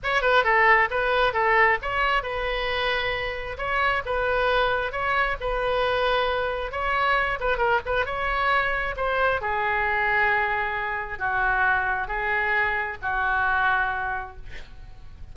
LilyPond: \new Staff \with { instrumentName = "oboe" } { \time 4/4 \tempo 4 = 134 cis''8 b'8 a'4 b'4 a'4 | cis''4 b'2. | cis''4 b'2 cis''4 | b'2. cis''4~ |
cis''8 b'8 ais'8 b'8 cis''2 | c''4 gis'2.~ | gis'4 fis'2 gis'4~ | gis'4 fis'2. | }